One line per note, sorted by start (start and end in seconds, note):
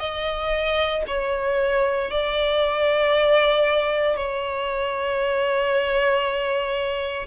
0.00 1.03 D#5
1.08 2.11 C#5
2.11 4.17 D5
4.17 7.27 C#5